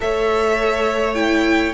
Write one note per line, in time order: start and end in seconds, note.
0.00 1.73 A3
0.00 1.14 A4
0.00 1.73 C#5
0.00 1.14 E5
1.14 1.73 E4
1.14 1.72 G5